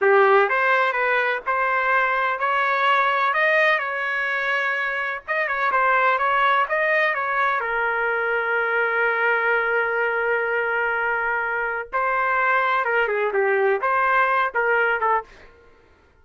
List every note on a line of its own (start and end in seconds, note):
0.01 0.49 G4
0.49 0.92 C5
0.92 1.40 B4
1.46 2.39 C5
2.39 3.33 C#5
3.33 3.78 D#5
3.78 5.21 C#5
5.27 5.47 D#5
5.47 5.71 C#5
5.71 6.18 C5
6.18 6.66 C#5
6.68 7.14 D#5
7.14 7.60 C#5
7.60 11.89 A#4
11.92 12.85 C5
12.85 13.08 A#4
13.08 13.31 G#4
13.33 13.80 G4
13.81 14.52 C5
14.54 15.00 A#4
15.00 15.24 A4